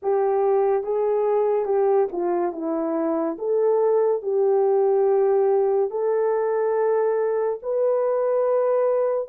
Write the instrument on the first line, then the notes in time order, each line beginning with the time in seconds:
horn
0.02 G4
0.83 G#4
1.65 G4
2.12 F4
2.52 E4
3.38 A4
4.22 G4
5.90 A4
7.62 B4